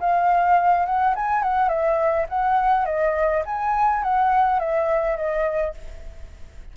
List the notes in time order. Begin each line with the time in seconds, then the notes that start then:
0.00 F5
0.86 F#5
1.15 G#5
1.43 F#5
1.69 E5
2.29 F#5
2.86 D#5
3.45 G#5
4.03 F#5
4.59 E5
5.17 D#5